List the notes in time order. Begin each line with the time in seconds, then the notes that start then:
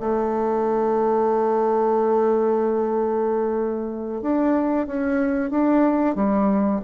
0.00 A3
4.22 D4
4.87 C#4
5.50 D4
6.15 G3